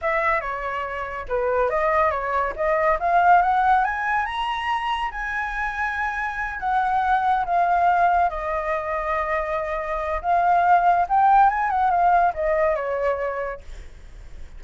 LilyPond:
\new Staff \with { instrumentName = "flute" } { \time 4/4 \tempo 4 = 141 e''4 cis''2 b'4 | dis''4 cis''4 dis''4 f''4 | fis''4 gis''4 ais''2 | gis''2.~ gis''8 fis''8~ |
fis''4. f''2 dis''8~ | dis''1 | f''2 g''4 gis''8 fis''8 | f''4 dis''4 cis''2 | }